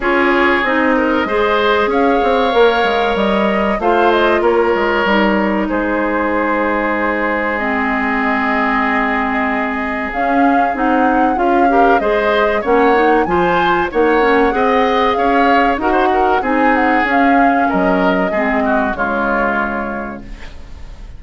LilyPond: <<
  \new Staff \with { instrumentName = "flute" } { \time 4/4 \tempo 4 = 95 cis''4 dis''2 f''4~ | f''4 dis''4 f''8 dis''8 cis''4~ | cis''4 c''2. | dis''1 |
f''4 fis''4 f''4 dis''4 | fis''4 gis''4 fis''2 | f''4 fis''4 gis''8 fis''8 f''4 | dis''2 cis''2 | }
  \new Staff \with { instrumentName = "oboe" } { \time 4/4 gis'4. ais'8 c''4 cis''4~ | cis''2 c''4 ais'4~ | ais'4 gis'2.~ | gis'1~ |
gis'2~ gis'8 ais'8 c''4 | cis''4 c''4 cis''4 dis''4 | cis''4 ais'16 c''16 ais'8 gis'2 | ais'4 gis'8 fis'8 f'2 | }
  \new Staff \with { instrumentName = "clarinet" } { \time 4/4 f'4 dis'4 gis'2 | ais'2 f'2 | dis'1 | c'1 |
cis'4 dis'4 f'8 g'8 gis'4 | cis'8 dis'8 f'4 dis'8 cis'8 gis'4~ | gis'4 fis'4 dis'4 cis'4~ | cis'4 c'4 gis2 | }
  \new Staff \with { instrumentName = "bassoon" } { \time 4/4 cis'4 c'4 gis4 cis'8 c'8 | ais8 gis8 g4 a4 ais8 gis8 | g4 gis2.~ | gis1 |
cis'4 c'4 cis'4 gis4 | ais4 f4 ais4 c'4 | cis'4 dis'4 c'4 cis'4 | fis4 gis4 cis2 | }
>>